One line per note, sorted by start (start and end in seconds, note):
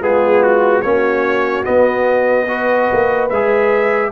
0.00 0.83 G#3
0.00 0.83 B3
0.00 0.82 F4
0.00 0.43 G#4
0.43 0.82 F#4
0.82 1.66 A#3
0.82 1.65 C#4
0.82 2.47 F#4
0.82 1.64 C#5
1.65 2.47 B3
1.65 2.91 B3
1.65 3.29 D#5
2.47 3.29 F#4
2.47 4.11 B4
2.93 3.30 A#3
3.29 4.11 G#3
3.29 4.11 G#4
3.29 4.11 E5